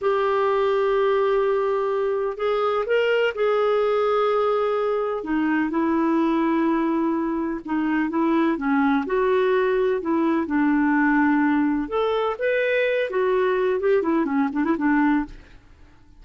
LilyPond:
\new Staff \with { instrumentName = "clarinet" } { \time 4/4 \tempo 4 = 126 g'1~ | g'4 gis'4 ais'4 gis'4~ | gis'2. dis'4 | e'1 |
dis'4 e'4 cis'4 fis'4~ | fis'4 e'4 d'2~ | d'4 a'4 b'4. fis'8~ | fis'4 g'8 e'8 cis'8 d'16 e'16 d'4 | }